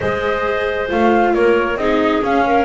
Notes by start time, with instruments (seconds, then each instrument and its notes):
0.00 double bass G#3, viola G#4, clarinet C5, flute D#5
0.87 double bass A3, viola F4, flute F5
1.34 double bass A#3, clarinet A#4, flute C#5
1.76 double bass C4, viola D#4, clarinet G#4, flute D#5
2.22 viola C#4, double bass C#4, flute F5
2.46 clarinet A#4